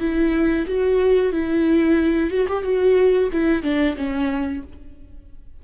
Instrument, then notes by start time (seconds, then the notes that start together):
viola
0.00 E4
0.67 F#4
1.32 E4
2.31 F#4
2.49 G4
2.64 F#4
3.32 E4
3.63 D4
3.97 C#4